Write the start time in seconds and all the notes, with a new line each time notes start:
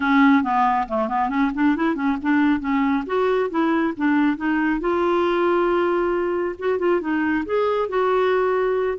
0.00 C#4
0.43 B3
0.88 A3
1.08 B3
1.29 C#4
1.54 D4
1.76 E4
1.95 C#4
2.22 D4
2.60 C#4
3.06 F#4
3.50 E4
3.96 D4
4.37 D#4
4.80 F4
6.59 F#4
6.79 F4
7.00 D#4
7.45 G#4
7.89 F#4